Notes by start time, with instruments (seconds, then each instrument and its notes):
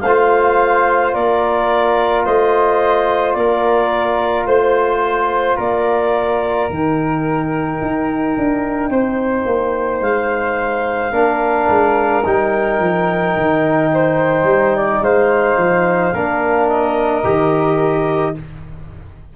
0.00 tuba A3, flute C5, clarinet F5
0.06 trombone F4
1.13 tuba A#3, flute A#4, clarinet D5
2.25 tuba A3, flute C5, clarinet D#5
3.33 tuba A#3, flute A#4, clarinet D5
4.45 tuba A3, clarinet C5, flute C5
5.56 tuba A#3, flute A#4, clarinet D5
6.69 tuba D#3, trombone D#4, clarinet G5
7.81 tuba D#4
8.37 tuba D4
8.89 tuba C4, flute C5
9.46 tuba A#3
10.01 tuba G#3, clarinet F5
11.11 tuba A#3, trombone D4, flute A#4
11.68 tuba G#3
12.25 tuba G3, trombone D#4, clarinet G5
12.79 tuba F3
13.36 tuba D#3
13.94 flute C5
14.43 tuba G3
14.76 flute D5
15.01 tuba G#3, flute C5, clarinet F5
15.57 tuba F3
16.13 tuba A#3, trombone D4, flute A#4
16.68 clarinet D#5
17.23 tuba D#3, trombone G4